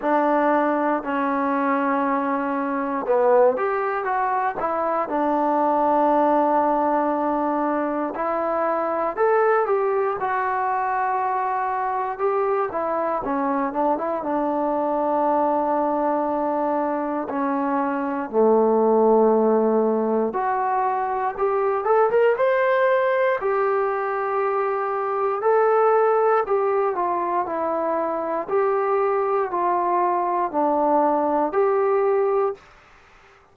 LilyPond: \new Staff \with { instrumentName = "trombone" } { \time 4/4 \tempo 4 = 59 d'4 cis'2 b8 g'8 | fis'8 e'8 d'2. | e'4 a'8 g'8 fis'2 | g'8 e'8 cis'8 d'16 e'16 d'2~ |
d'4 cis'4 a2 | fis'4 g'8 a'16 ais'16 c''4 g'4~ | g'4 a'4 g'8 f'8 e'4 | g'4 f'4 d'4 g'4 | }